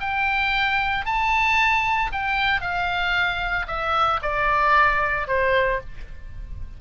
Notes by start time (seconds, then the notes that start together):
0.00 G5
1.06 A5
2.12 G5
2.61 F5
3.67 E5
4.22 D5
5.28 C5